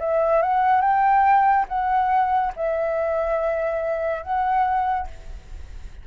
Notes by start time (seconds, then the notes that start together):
0.00 E5
0.43 F#5
0.81 G5
1.69 F#5
2.56 E5
4.23 F#5